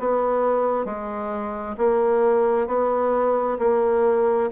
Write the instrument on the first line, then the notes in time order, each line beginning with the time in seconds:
bassoon
0.00 B3
0.86 G#3
1.78 A#3
2.67 B3
3.60 A#3